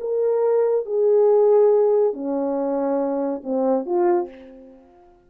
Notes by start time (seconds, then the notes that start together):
0.00 A#4
0.86 G#4
2.13 C#4
3.43 C4
3.86 F4